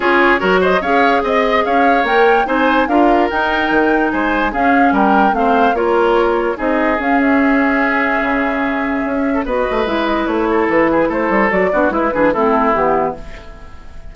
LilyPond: <<
  \new Staff \with { instrumentName = "flute" } { \time 4/4 \tempo 4 = 146 cis''4. dis''8 f''4 dis''4 | f''4 g''4 gis''4 f''4 | g''2 gis''4 f''4 | g''4 f''4 cis''2 |
dis''4 f''8 e''2~ e''8~ | e''2. dis''4 | e''8 dis''8 cis''4 b'4 c''4 | d''4 b'4 a'4 g'4 | }
  \new Staff \with { instrumentName = "oboe" } { \time 4/4 gis'4 ais'8 c''8 cis''4 dis''4 | cis''2 c''4 ais'4~ | ais'2 c''4 gis'4 | ais'4 c''4 ais'2 |
gis'1~ | gis'2~ gis'8. a'16 b'4~ | b'4. a'4 gis'8 a'4~ | a'8 fis'8 e'8 gis'8 e'2 | }
  \new Staff \with { instrumentName = "clarinet" } { \time 4/4 f'4 fis'4 gis'2~ | gis'4 ais'4 dis'4 f'4 | dis'2. cis'4~ | cis'4 c'4 f'2 |
dis'4 cis'2.~ | cis'2. fis'4 | e'1 | fis'8 d'8 e'8 d'8 c'4 b4 | }
  \new Staff \with { instrumentName = "bassoon" } { \time 4/4 cis'4 fis4 cis'4 c'4 | cis'4 ais4 c'4 d'4 | dis'4 dis4 gis4 cis'4 | g4 a4 ais2 |
c'4 cis'2. | cis2 cis'4 b8 a8 | gis4 a4 e4 a8 g8 | fis8 b8 gis8 e8 a4 e4 | }
>>